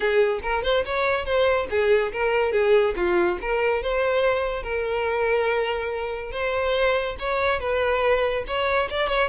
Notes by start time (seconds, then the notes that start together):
0.00 G#4
0.42 A#4
0.63 C5
0.85 C#5
1.25 C5
1.70 G#4
2.12 A#4
2.52 G#4
2.96 F4
3.41 A#4
3.82 C5
4.62 A#4
6.31 C5
7.19 C#5
7.60 B4
8.47 C#5
8.89 D5
9.08 C#5